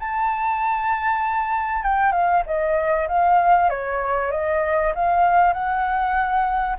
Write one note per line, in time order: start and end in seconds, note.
0.00 1.83 A5
1.83 2.12 G5
2.12 2.43 F5
2.46 3.08 D#5
3.08 3.70 F5
3.70 4.32 C#5
4.32 4.93 D#5
4.95 5.53 F5
5.53 6.77 F#5